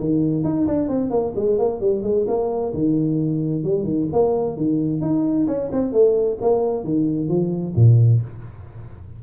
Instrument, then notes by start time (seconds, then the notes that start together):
tuba
0.00 D#3
0.44 D#4
0.68 D4
0.89 C4
1.11 A#3
1.36 G#3
1.59 A#3
1.81 G3
2.03 G#3
2.28 A#3
2.74 D#3
3.64 G3
3.84 D#3
4.13 A#3
4.57 D#3
5.01 D#4
5.48 C#4
5.73 C4
5.93 A3
6.41 A#3
6.84 D#3
7.29 F3
7.76 A#2